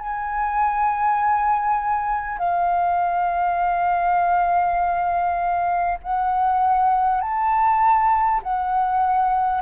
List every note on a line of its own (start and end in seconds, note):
0.00 2.39 G#5
2.39 5.99 F5
6.03 7.21 F#5
7.21 8.41 A5
8.43 9.62 F#5